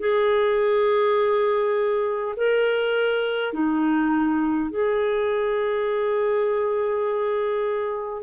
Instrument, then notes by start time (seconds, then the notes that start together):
clarinet
0.00 G#4
2.37 A#4
3.53 D#4
4.71 G#4